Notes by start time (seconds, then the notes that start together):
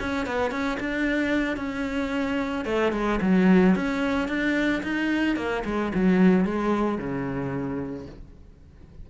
0.00 C#4
0.27 B3
0.51 C#4
0.80 D4
1.57 C#4
2.65 A3
2.92 G#3
3.22 F#3
3.76 C#4
4.29 D4
4.83 D#4
5.37 A#3
5.65 G#3
5.95 F#3
6.45 G#3
6.98 C#3